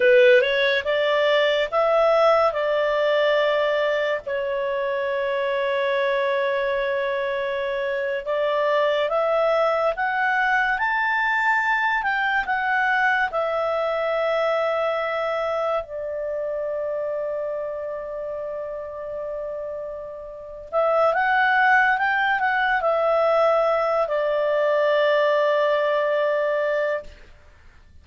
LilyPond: \new Staff \with { instrumentName = "clarinet" } { \time 4/4 \tempo 4 = 71 b'8 cis''8 d''4 e''4 d''4~ | d''4 cis''2.~ | cis''4.~ cis''16 d''4 e''4 fis''16~ | fis''8. a''4. g''8 fis''4 e''16~ |
e''2~ e''8. d''4~ d''16~ | d''1~ | d''8 e''8 fis''4 g''8 fis''8 e''4~ | e''8 d''2.~ d''8 | }